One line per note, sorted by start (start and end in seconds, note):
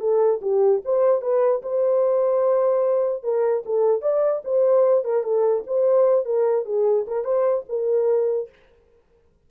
0.00 0.40 A4
0.41 0.82 G4
0.85 1.22 C5
1.22 1.62 B4
1.62 3.23 C5
3.23 3.63 A#4
3.66 4.02 A4
4.02 4.42 D5
4.44 5.04 C5
5.04 5.23 A#4
5.23 5.64 A4
5.67 6.25 C5
6.25 6.65 A#4
6.65 7.06 G#4
7.07 7.24 A#4
7.24 7.64 C5
7.69 8.49 A#4